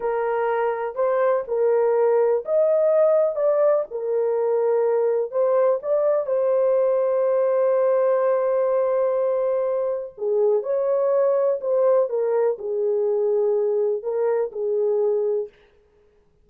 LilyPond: \new Staff \with { instrumentName = "horn" } { \time 4/4 \tempo 4 = 124 ais'2 c''4 ais'4~ | ais'4 dis''2 d''4 | ais'2. c''4 | d''4 c''2.~ |
c''1~ | c''4 gis'4 cis''2 | c''4 ais'4 gis'2~ | gis'4 ais'4 gis'2 | }